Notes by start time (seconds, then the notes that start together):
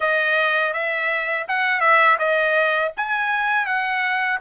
0.00 D#5
0.73 E5
1.47 F#5
1.80 E5
2.19 D#5
2.96 G#5
3.66 F#5